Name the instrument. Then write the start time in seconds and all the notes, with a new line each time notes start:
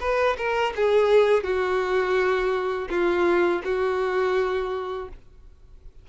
violin
0.00 B4
0.37 A#4
0.76 G#4
1.43 F#4
2.89 F4
3.64 F#4